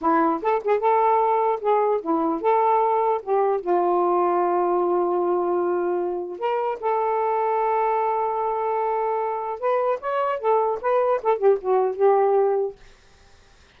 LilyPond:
\new Staff \with { instrumentName = "saxophone" } { \time 4/4 \tempo 4 = 150 e'4 a'8 gis'8 a'2 | gis'4 e'4 a'2 | g'4 f'2.~ | f'1 |
ais'4 a'2.~ | a'1 | b'4 cis''4 a'4 b'4 | a'8 g'8 fis'4 g'2 | }